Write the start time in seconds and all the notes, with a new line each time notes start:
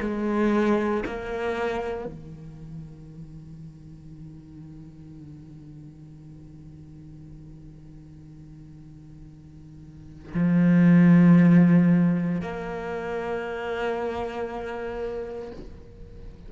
0.00 G#3
1.06 A#3
2.05 D#3
10.34 F3
12.41 A#3